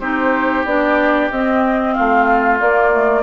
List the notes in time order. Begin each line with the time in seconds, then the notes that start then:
0.00 C4 D#4 G4 C5
0.65 B3 D4 D5
1.31 C4 D#5
1.94 A3 F4 F5
2.60 A#3 D5
2.92 A3